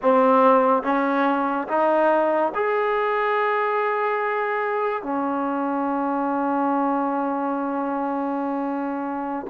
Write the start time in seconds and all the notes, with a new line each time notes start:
0.02 C4
0.83 C#4
1.68 D#4
2.54 G#4
5.02 C#4